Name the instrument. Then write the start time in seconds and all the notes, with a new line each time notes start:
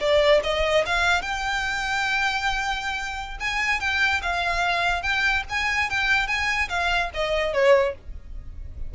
violin
0.00 D5
0.43 D#5
0.86 F5
1.22 G5
3.40 G#5
3.80 G5
4.22 F5
5.02 G5
5.49 G#5
5.90 G5
6.27 G#5
6.69 F5
7.14 D#5
7.53 C#5